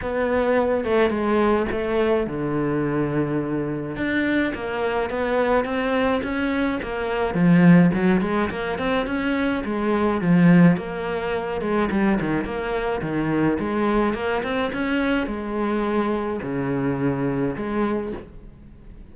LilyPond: \new Staff \with { instrumentName = "cello" } { \time 4/4 \tempo 4 = 106 b4. a8 gis4 a4 | d2. d'4 | ais4 b4 c'4 cis'4 | ais4 f4 fis8 gis8 ais8 c'8 |
cis'4 gis4 f4 ais4~ | ais8 gis8 g8 dis8 ais4 dis4 | gis4 ais8 c'8 cis'4 gis4~ | gis4 cis2 gis4 | }